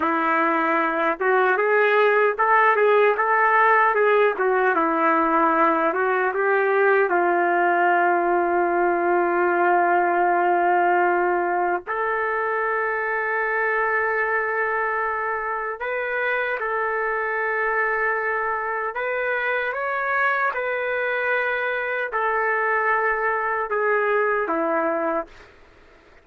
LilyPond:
\new Staff \with { instrumentName = "trumpet" } { \time 4/4 \tempo 4 = 76 e'4. fis'8 gis'4 a'8 gis'8 | a'4 gis'8 fis'8 e'4. fis'8 | g'4 f'2.~ | f'2. a'4~ |
a'1 | b'4 a'2. | b'4 cis''4 b'2 | a'2 gis'4 e'4 | }